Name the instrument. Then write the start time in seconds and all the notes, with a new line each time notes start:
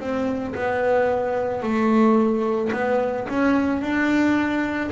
double bass
0.00 C4
0.55 B3
1.63 A3
2.73 B3
3.29 C#4
3.81 D4